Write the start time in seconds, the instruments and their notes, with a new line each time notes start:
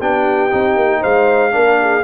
0.00 tuba B3, trombone D4, horn G4, trumpet G5
0.51 tuba C4, trombone D#4
0.76 tuba A#3
1.00 tuba G#3, horn C5, trumpet F5
1.52 tuba A#3, trombone D4, horn A#4
1.81 horn G#4